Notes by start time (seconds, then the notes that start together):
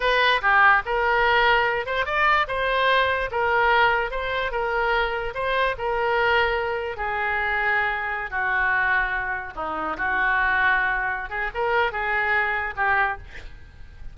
0.00 B4
0.41 G4
0.85 A#4
1.86 C5
2.05 D5
2.47 C5
3.31 A#4
4.10 C5
4.51 A#4
5.34 C5
5.78 A#4
6.97 G#4
8.30 F#4
9.55 D#4
9.97 F#4
11.29 G#4
11.54 A#4
11.92 G#4
12.76 G4